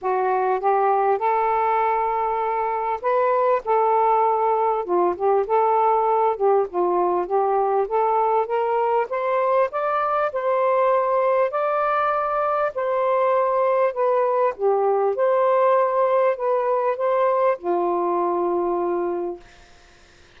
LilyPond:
\new Staff \with { instrumentName = "saxophone" } { \time 4/4 \tempo 4 = 99 fis'4 g'4 a'2~ | a'4 b'4 a'2 | f'8 g'8 a'4. g'8 f'4 | g'4 a'4 ais'4 c''4 |
d''4 c''2 d''4~ | d''4 c''2 b'4 | g'4 c''2 b'4 | c''4 f'2. | }